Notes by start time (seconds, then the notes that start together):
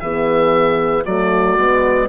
0.00 E3 B3 G#4 E5
1.05 F#3 A3 F#4 D5
1.57 G#3 B3